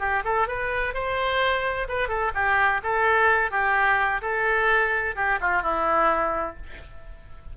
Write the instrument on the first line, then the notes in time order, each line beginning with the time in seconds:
oboe
0.00 G4
0.25 A4
0.48 B4
0.94 C5
1.89 B4
2.09 A4
2.35 G4
2.83 A4
3.51 G4
4.22 A4
5.16 G4
5.41 F4
5.63 E4